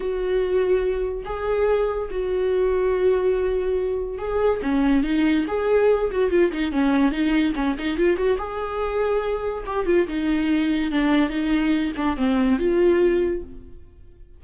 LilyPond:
\new Staff \with { instrumentName = "viola" } { \time 4/4 \tempo 4 = 143 fis'2. gis'4~ | gis'4 fis'2.~ | fis'2 gis'4 cis'4 | dis'4 gis'4. fis'8 f'8 dis'8 |
cis'4 dis'4 cis'8 dis'8 f'8 fis'8 | gis'2. g'8 f'8 | dis'2 d'4 dis'4~ | dis'8 d'8 c'4 f'2 | }